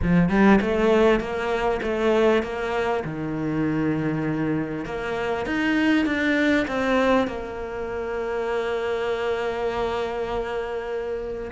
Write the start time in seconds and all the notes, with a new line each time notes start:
0.02 F3
0.29 G3
0.61 A3
1.20 A#3
1.82 A3
2.42 A#3
3.04 D#3
4.85 A#3
5.45 D#4
6.05 D4
6.67 C4
7.27 A#3